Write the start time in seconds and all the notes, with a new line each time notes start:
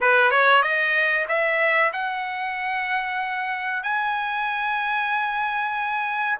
0.00 B4
0.30 C#5
0.62 D#5
1.28 E5
1.92 F#5
3.83 G#5